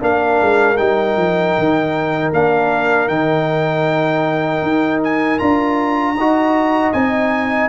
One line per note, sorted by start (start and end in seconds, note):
0.00 0.40 A#3
0.00 0.77 D4
0.00 6.16 A#4
0.00 0.77 F5
0.41 0.79 G#3
0.77 1.17 G3
0.77 2.33 D#4
0.77 2.31 G5
1.17 1.55 F3
1.58 2.32 D#3
2.32 3.08 A#3
2.32 3.08 D4
2.32 3.08 F5
3.08 4.62 D#3
3.08 5.39 D#4
3.08 5.01 G5
4.62 5.39 D#4
5.04 5.39 G#5
5.39 6.15 D4
5.39 6.16 F4
5.39 6.92 A#5
6.15 6.92 D#4
6.15 6.94 F#4
6.15 7.69 D#5
6.93 7.69 C4
6.93 7.69 D#4
6.93 7.69 G#5